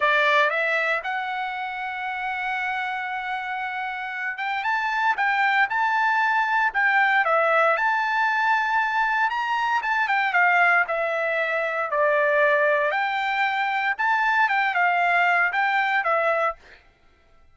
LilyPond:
\new Staff \with { instrumentName = "trumpet" } { \time 4/4 \tempo 4 = 116 d''4 e''4 fis''2~ | fis''1~ | fis''8 g''8 a''4 g''4 a''4~ | a''4 g''4 e''4 a''4~ |
a''2 ais''4 a''8 g''8 | f''4 e''2 d''4~ | d''4 g''2 a''4 | g''8 f''4. g''4 e''4 | }